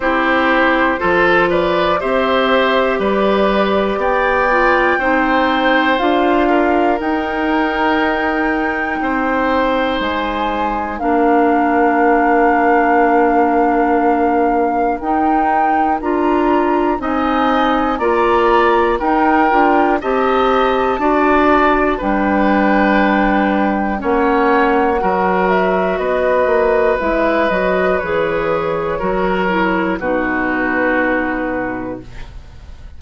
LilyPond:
<<
  \new Staff \with { instrumentName = "flute" } { \time 4/4 \tempo 4 = 60 c''4. d''8 e''4 d''4 | g''2 f''4 g''4~ | g''2 gis''4 f''4~ | f''2. g''4 |
ais''4 gis''4 ais''4 g''4 | a''2 g''2 | fis''4. e''8 dis''4 e''8 dis''8 | cis''2 b'2 | }
  \new Staff \with { instrumentName = "oboe" } { \time 4/4 g'4 a'8 b'8 c''4 b'4 | d''4 c''4. ais'4.~ | ais'4 c''2 ais'4~ | ais'1~ |
ais'4 dis''4 d''4 ais'4 | dis''4 d''4 b'2 | cis''4 ais'4 b'2~ | b'4 ais'4 fis'2 | }
  \new Staff \with { instrumentName = "clarinet" } { \time 4/4 e'4 f'4 g'2~ | g'8 f'8 dis'4 f'4 dis'4~ | dis'2. d'4~ | d'2. dis'4 |
f'4 dis'4 f'4 dis'8 f'8 | g'4 fis'4 d'2 | cis'4 fis'2 e'8 fis'8 | gis'4 fis'8 e'8 dis'2 | }
  \new Staff \with { instrumentName = "bassoon" } { \time 4/4 c'4 f4 c'4 g4 | b4 c'4 d'4 dis'4~ | dis'4 c'4 gis4 ais4~ | ais2. dis'4 |
d'4 c'4 ais4 dis'8 d'8 | c'4 d'4 g2 | ais4 fis4 b8 ais8 gis8 fis8 | e4 fis4 b,2 | }
>>